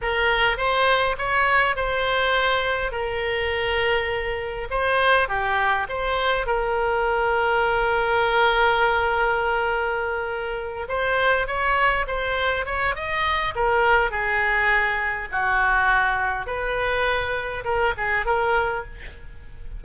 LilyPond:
\new Staff \with { instrumentName = "oboe" } { \time 4/4 \tempo 4 = 102 ais'4 c''4 cis''4 c''4~ | c''4 ais'2. | c''4 g'4 c''4 ais'4~ | ais'1~ |
ais'2~ ais'8 c''4 cis''8~ | cis''8 c''4 cis''8 dis''4 ais'4 | gis'2 fis'2 | b'2 ais'8 gis'8 ais'4 | }